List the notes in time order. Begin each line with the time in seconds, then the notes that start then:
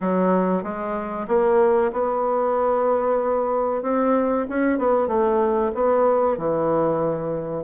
0.00 F#3
0.63 G#3
1.27 A#3
1.92 B3
3.82 C4
4.49 C#4
4.78 B3
5.07 A3
5.74 B3
6.37 E3